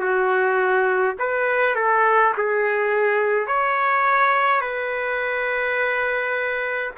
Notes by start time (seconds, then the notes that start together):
0.00 F#4
1.19 B4
1.76 A4
2.38 G#4
3.47 C#5
4.61 B4